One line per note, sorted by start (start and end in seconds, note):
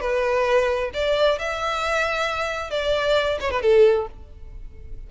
0.00 0.90 B4
0.93 1.38 D5
1.38 2.70 E5
2.70 3.38 D5
3.40 3.50 C#5
3.50 3.62 B4
3.62 4.07 A4